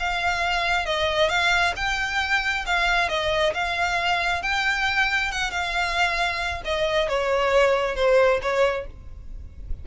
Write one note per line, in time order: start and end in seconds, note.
0.00 0.86 F5
0.86 1.29 D#5
1.29 1.74 F5
1.76 2.65 G5
2.66 3.09 F5
3.09 3.54 D#5
3.54 4.43 F5
4.43 5.32 G5
5.32 5.51 F#5
5.51 6.62 F5
6.65 7.09 D#5
7.09 7.96 C#5
7.96 8.40 C5
8.42 8.87 C#5